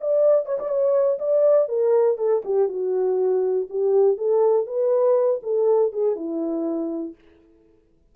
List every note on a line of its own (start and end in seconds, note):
0.00 0.45 D5
0.45 0.58 C#5
0.59 0.69 D5
0.69 1.18 C#5
1.19 1.68 D5
1.68 2.18 A#4
2.18 2.42 A4
2.45 2.68 G4
2.68 3.68 F#4
3.69 4.17 G4
4.17 4.66 A4
4.66 5.40 B4
5.43 5.92 A4
5.92 6.15 G#4
6.15 7.14 E4